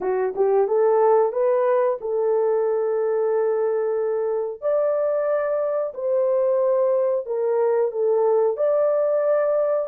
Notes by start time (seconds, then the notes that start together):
0.01 F#4
0.35 G4
0.67 A4
1.32 B4
2.00 A4
4.61 D5
5.94 C5
7.26 A#4
7.91 A4
8.56 D5